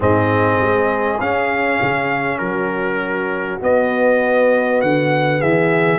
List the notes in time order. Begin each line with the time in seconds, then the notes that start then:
0.00 G#2 C4 G#4 D#5
0.60 G#3
1.20 C#4 F5
1.82 C#3
2.38 F#3 F#4 A#4
3.59 B3 D#5
4.81 D3 F#5
5.39 E3 G#4 E5